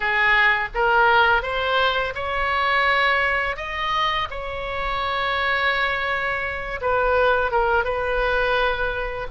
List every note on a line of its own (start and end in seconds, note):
0.00 0.68 G#4
0.74 1.42 A#4
1.42 2.13 C5
2.15 3.56 C#5
3.56 4.28 D#5
4.30 6.80 C#5
6.81 7.51 B4
7.51 7.84 A#4
7.84 9.27 B4